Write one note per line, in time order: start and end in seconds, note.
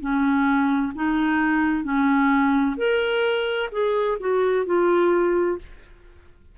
0.00 0.92 C#4
0.95 1.83 D#4
1.83 2.76 C#4
2.77 3.69 A#4
3.72 4.18 G#4
4.20 4.66 F#4
4.66 5.58 F4